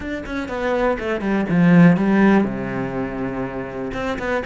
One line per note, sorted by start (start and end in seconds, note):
0.00 0.23 D4
0.26 0.48 C#4
0.48 0.97 B3
0.99 1.20 A3
1.20 1.45 G3
1.49 1.96 F3
1.96 2.43 G3
2.43 3.91 C3
3.93 4.18 C4
4.18 4.43 B3